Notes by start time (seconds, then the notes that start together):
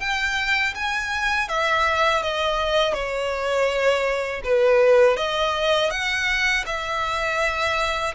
0.00 G5
0.75 G#5
1.48 E5
2.23 D#5
2.94 C#5
4.44 B4
5.17 D#5
5.91 F#5
6.66 E5